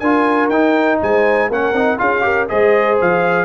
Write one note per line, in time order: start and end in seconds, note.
0.00 0.50 D4
0.00 0.52 F4
0.00 1.00 A#4
0.00 0.50 G#5
0.50 0.99 D#4
0.50 1.51 D#4
0.50 0.99 G5
1.02 1.51 G#3
1.02 1.50 C5
1.02 1.52 G#5
1.50 1.73 A#3
1.50 1.75 C#4
1.50 1.99 A#4
1.50 1.99 F#5
1.73 1.98 C4
1.73 1.98 D#4
1.98 2.50 C#4
1.98 2.22 F4
1.98 2.25 G#4
1.98 2.49 F5
2.22 2.46 G4
2.22 2.49 A#4
2.49 3.01 G#3
2.49 3.45 G#4
2.49 3.45 C5
2.49 2.99 D#5
3.02 3.45 F3
3.02 3.45 F5